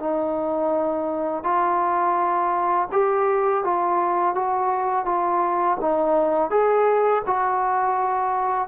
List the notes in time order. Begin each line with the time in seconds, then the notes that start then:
0.00 D#4
1.44 F4
2.92 G4
3.64 F4
4.35 F#4
5.06 F4
5.81 D#4
6.51 G#4
7.27 F#4